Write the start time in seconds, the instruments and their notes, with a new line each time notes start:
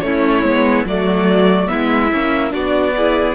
0.00 cello A3, viola C#4, violin E4 C#5
0.43 cello G#3, viola B3
0.85 cello F#3, viola A3, violin F#4 D5
1.67 cello G#3, viola B3, violin E4 E5
2.12 cello A#3, viola C#4
2.51 cello B3, viola D4, violin F#4 D5
2.96 viola E4, violin G#4